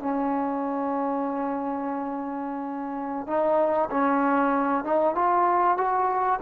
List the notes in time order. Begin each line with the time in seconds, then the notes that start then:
0.00 C#4
3.28 D#4
3.91 C#4
4.85 D#4
5.15 F4
5.78 F#4